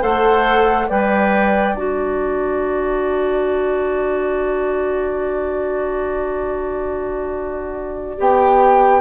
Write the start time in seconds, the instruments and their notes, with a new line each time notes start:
0.00 bassoon A3, clarinet A4, oboe C5, flute F#5
0.87 bassoon G3, clarinet B4, oboe D5, flute G5
1.73 bassoon D4, clarinet F#4, flute A5
8.17 bassoon B3, clarinet G4, flute G5